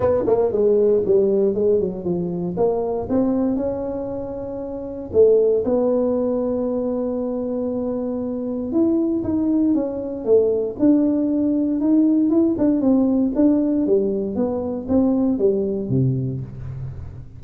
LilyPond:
\new Staff \with { instrumentName = "tuba" } { \time 4/4 \tempo 4 = 117 b8 ais8 gis4 g4 gis8 fis8 | f4 ais4 c'4 cis'4~ | cis'2 a4 b4~ | b1~ |
b4 e'4 dis'4 cis'4 | a4 d'2 dis'4 | e'8 d'8 c'4 d'4 g4 | b4 c'4 g4 c4 | }